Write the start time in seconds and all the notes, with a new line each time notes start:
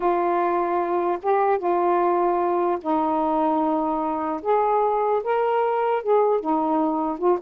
0.00 F4
1.22 G4
1.58 F4
2.81 D#4
4.42 G#4
5.23 A#4
6.03 G#4
6.40 D#4
7.18 F4